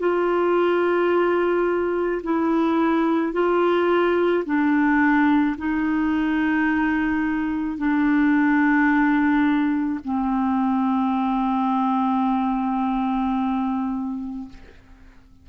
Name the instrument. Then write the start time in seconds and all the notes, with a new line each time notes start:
clarinet
0.00 F4
2.24 E4
3.33 F4
4.45 D4
5.58 D#4
7.78 D4
10.05 C4